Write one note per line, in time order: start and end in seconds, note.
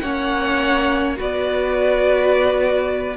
0.00 1.18 A#3
0.00 1.17 C#4
0.00 1.17 C#5
0.00 1.15 F#5
1.17 3.16 B3
1.17 3.14 F#4
1.17 3.16 B4
1.17 3.16 D5